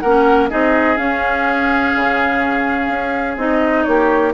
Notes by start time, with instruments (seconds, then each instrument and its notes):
0.00 bassoon A#3, clarinet C#4, oboe A#4, flute F#5
0.50 bassoon C4, clarinet D#4, oboe G#4, flute D#5
0.97 clarinet C#4, bassoon C#4, flute F5
1.95 bassoon C#3
2.89 bassoon C#4
3.37 bassoon C4, clarinet D#4, flute D#5
3.84 bassoon A#3, oboe G4, flute C#5